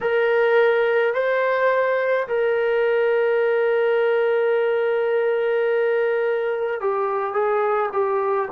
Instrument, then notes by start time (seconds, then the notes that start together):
trombone
0.00 A#4
1.14 C5
2.27 A#4
6.80 G4
7.33 G#4
7.92 G4